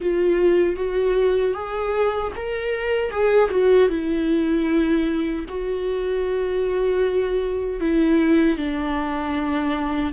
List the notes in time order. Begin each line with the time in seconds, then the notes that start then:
0.00 F4
0.75 F#4
1.54 G#4
2.35 A#4
3.10 G#4
3.50 F#4
3.89 E4
5.48 F#4
7.80 E4
8.57 D4